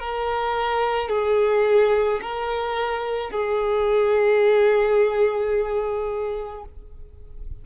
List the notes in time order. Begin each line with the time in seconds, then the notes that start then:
0.00 A#4
1.10 G#4
2.22 A#4
3.31 G#4